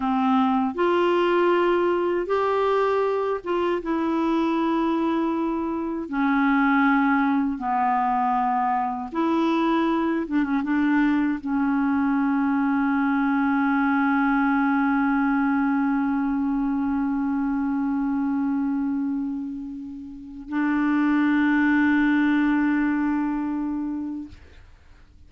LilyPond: \new Staff \with { instrumentName = "clarinet" } { \time 4/4 \tempo 4 = 79 c'4 f'2 g'4~ | g'8 f'8 e'2. | cis'2 b2 | e'4. d'16 cis'16 d'4 cis'4~ |
cis'1~ | cis'1~ | cis'2. d'4~ | d'1 | }